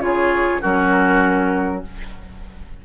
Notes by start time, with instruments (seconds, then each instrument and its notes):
0.00 bassoon C#3, clarinet F4, oboe G#4, flute C#5
0.61 bassoon F#3, clarinet C#4, oboe F#4, flute A#4